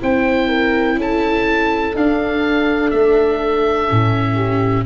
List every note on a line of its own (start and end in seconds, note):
0.00 0.97 C4
0.00 1.94 E4
0.00 0.49 C5
0.00 1.00 G5
0.49 0.97 A#4
0.97 1.94 C#4
0.97 4.35 A4
0.97 1.97 A5
1.95 2.92 D4
1.95 3.88 D4
1.95 2.91 F5
2.91 3.90 A3
2.91 4.84 E5
3.88 4.86 A2
3.88 4.85 C#4
4.35 4.84 G4